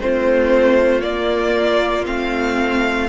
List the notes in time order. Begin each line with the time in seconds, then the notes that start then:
0.00 A3 C4 F4 C5
1.01 A#3 D5
2.06 A3 C4 F5